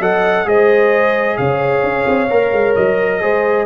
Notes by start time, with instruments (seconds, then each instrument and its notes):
0.00 tuba F#3, trombone A4, horn D#5, trumpet F#5
0.45 tuba G#3, trombone G#4, horn C5, trumpet D#5
1.37 tuba C#3, horn C#5, trumpet F5
1.83 tuba C#4
2.07 tuba C4
2.30 tuba A#3, trombone A#4
2.52 tuba G#3
2.76 tuba F#3, trumpet D#5
3.21 tuba G#3, trombone G#4, horn C5